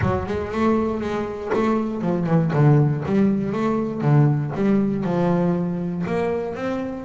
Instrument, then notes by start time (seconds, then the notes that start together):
double bass
0.01 F#3
0.26 G#3
0.51 A3
1.00 G#3
1.53 A3
2.01 F3
2.26 E3
2.53 D3
3.05 G3
3.52 A3
4.01 D3
4.55 G3
5.04 F3
6.06 A#3
6.55 C4